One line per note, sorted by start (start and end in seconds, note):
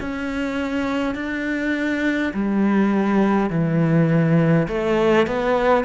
0.00 1.15 C#4
1.15 2.33 D4
2.33 3.50 G3
3.50 4.67 E3
4.68 5.27 A3
5.27 5.84 B3